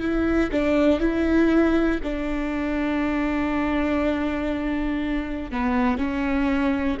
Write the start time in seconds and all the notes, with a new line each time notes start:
0.00 E4
0.51 D4
1.00 E4
2.03 D4
5.50 B3
5.97 C#4